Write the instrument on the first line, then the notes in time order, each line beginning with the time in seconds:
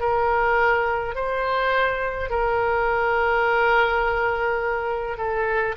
oboe
0.00 A#4
1.15 C5
2.30 A#4
5.18 A4